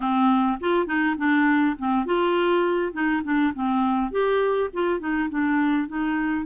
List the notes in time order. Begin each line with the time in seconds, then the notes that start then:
0.00 C4
0.60 F4
0.86 D#4
1.17 D4
1.78 C4
2.05 F4
2.93 D#4
3.23 D4
3.54 C4
4.11 G4
4.73 F4
4.99 D#4
5.29 D4
5.88 D#4